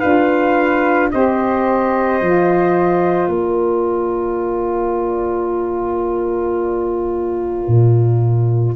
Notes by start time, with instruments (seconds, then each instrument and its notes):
0.00 tuba D4, saxophone F4, flute B4, trumpet F5
1.12 tuba C4, saxophone G4, flute C5, trumpet D#5
2.21 tuba F3, saxophone F4
3.29 tuba A#3, flute A#4, trumpet D5
7.68 tuba A#2